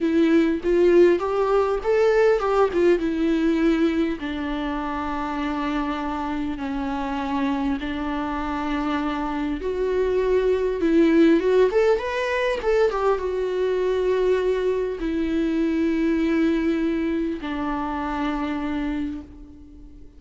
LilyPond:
\new Staff \with { instrumentName = "viola" } { \time 4/4 \tempo 4 = 100 e'4 f'4 g'4 a'4 | g'8 f'8 e'2 d'4~ | d'2. cis'4~ | cis'4 d'2. |
fis'2 e'4 fis'8 a'8 | b'4 a'8 g'8 fis'2~ | fis'4 e'2.~ | e'4 d'2. | }